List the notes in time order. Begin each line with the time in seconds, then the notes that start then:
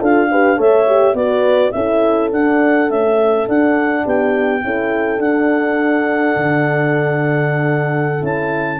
0.00 D4 F4 A4 F5
0.31 G4 B4
0.57 A3 A4 C#5 E5
0.87 G4
1.14 B3 F#4 B4 D5
1.72 C#4 E4 A4 E5
2.32 D4 F#5
2.90 A3 C#4 E5
3.47 D4 F#5
4.05 B3 G4 G5
4.62 C#4 E4 A4
5.19 D4 F#5
6.37 D3
8.21 C#4 E4 A5